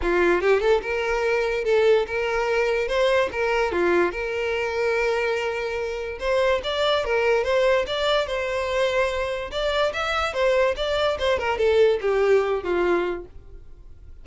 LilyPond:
\new Staff \with { instrumentName = "violin" } { \time 4/4 \tempo 4 = 145 f'4 g'8 a'8 ais'2 | a'4 ais'2 c''4 | ais'4 f'4 ais'2~ | ais'2. c''4 |
d''4 ais'4 c''4 d''4 | c''2. d''4 | e''4 c''4 d''4 c''8 ais'8 | a'4 g'4. f'4. | }